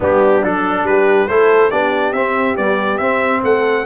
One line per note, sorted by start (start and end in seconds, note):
0.00 0.44 G3
0.00 0.42 B3
0.00 0.84 D4
0.00 0.44 G4
0.43 0.83 F#3
0.43 1.29 D4
0.43 0.86 A4
0.83 1.26 G3
0.83 1.29 G4
0.83 1.28 B4
1.28 1.71 A3
1.28 1.71 E4
1.28 1.70 A4
1.28 1.70 C5
1.70 2.12 B3
1.70 2.13 D4
1.70 3.41 G4
1.70 2.12 D5
2.12 2.55 C4
2.12 2.57 C4
2.12 2.55 E5
2.56 3.00 G3
2.56 3.00 B3
2.56 2.97 D5
2.97 3.43 C4
2.97 3.85 C4
2.97 3.40 E5
3.43 3.85 A3
3.43 3.85 A4
3.43 3.85 F#5